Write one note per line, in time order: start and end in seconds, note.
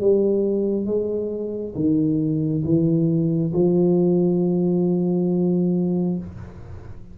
0.00 0.86 G3
0.86 1.74 G#3
1.75 2.64 D#3
2.64 3.53 E3
3.53 6.18 F3